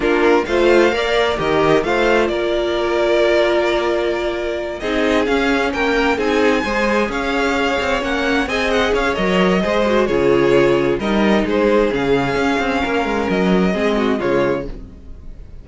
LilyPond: <<
  \new Staff \with { instrumentName = "violin" } { \time 4/4 \tempo 4 = 131 ais'4 f''2 dis''4 | f''4 d''2.~ | d''2~ d''8 dis''4 f''8~ | f''8 g''4 gis''2 f''8~ |
f''4. fis''4 gis''8 fis''8 f''8 | dis''2 cis''2 | dis''4 c''4 f''2~ | f''4 dis''2 cis''4 | }
  \new Staff \with { instrumentName = "violin" } { \time 4/4 f'4 c''4 d''4 ais'4 | c''4 ais'2.~ | ais'2~ ais'8 gis'4.~ | gis'8 ais'4 gis'4 c''4 cis''8~ |
cis''2~ cis''8 dis''4 cis''8~ | cis''4 c''4 gis'2 | ais'4 gis'2. | ais'2 gis'8 fis'8 f'4 | }
  \new Staff \with { instrumentName = "viola" } { \time 4/4 d'4 f'4 ais'4 g'4 | f'1~ | f'2~ f'8 dis'4 cis'8~ | cis'4. dis'4 gis'4.~ |
gis'4. cis'4 gis'4. | ais'4 gis'8 fis'8 f'2 | dis'2 cis'2~ | cis'2 c'4 gis4 | }
  \new Staff \with { instrumentName = "cello" } { \time 4/4 ais4 a4 ais4 dis4 | a4 ais2.~ | ais2~ ais8 c'4 cis'8~ | cis'8 ais4 c'4 gis4 cis'8~ |
cis'4 c'8 ais4 c'4 cis'8 | fis4 gis4 cis2 | g4 gis4 cis4 cis'8 c'8 | ais8 gis8 fis4 gis4 cis4 | }
>>